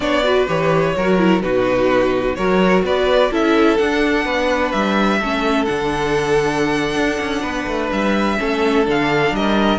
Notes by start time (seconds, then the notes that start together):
0.00 B3 D4 C#5 D5
0.23 F#4 B4
0.47 E3 G4 C#5
0.96 F#3 F#4 A#4
1.18 E4
1.41 B2 D#4 F#4 B4
2.35 F#3 F#4 A#4 C#5
2.82 B3 B4 D5
3.31 C#4 E4 A4 E5
3.77 D4 F#5
4.24 B3 B4
4.71 G3 E5
5.19 A3 C#4 A4
5.65 D3 D4 F#5
6.95 D4
7.20 C#4
7.42 B3 B4
7.66 A3
7.92 G3 E5
8.38 A3 C#4 A4
8.85 D3 D4 F5
9.31 G3 A#4 D#5